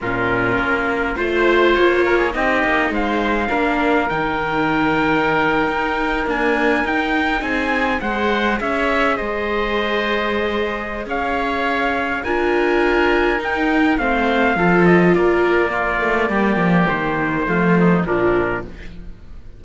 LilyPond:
<<
  \new Staff \with { instrumentName = "trumpet" } { \time 4/4 \tempo 4 = 103 ais'2 c''4 cis''4 | dis''4 f''2 g''4~ | g''2~ g''8. gis''4 g''16~ | g''8. gis''4 fis''4 e''4 dis''16~ |
dis''2. f''4~ | f''4 gis''2 g''4 | f''4. dis''8 d''2~ | d''4 c''2 ais'4 | }
  \new Staff \with { instrumentName = "oboe" } { \time 4/4 f'2 c''4. ais'16 gis'16 | g'4 c''4 ais'2~ | ais'1~ | ais'8. gis'4 c''4 cis''4 c''16~ |
c''2. cis''4~ | cis''4 ais'2. | c''4 a'4 ais'4 f'4 | g'2 f'8 dis'8 d'4 | }
  \new Staff \with { instrumentName = "viola" } { \time 4/4 cis'2 f'2 | dis'2 d'4 dis'4~ | dis'2~ dis'8. ais4 dis'16~ | dis'4.~ dis'16 gis'2~ gis'16~ |
gis'1~ | gis'4 f'2 dis'4 | c'4 f'2 ais4~ | ais2 a4 f4 | }
  \new Staff \with { instrumentName = "cello" } { \time 4/4 ais,4 ais4 a4 ais4 | c'8 ais8 gis4 ais4 dis4~ | dis4.~ dis16 dis'4 d'4 dis'16~ | dis'8. c'4 gis4 cis'4 gis16~ |
gis2. cis'4~ | cis'4 d'2 dis'4 | a4 f4 ais4. a8 | g8 f8 dis4 f4 ais,4 | }
>>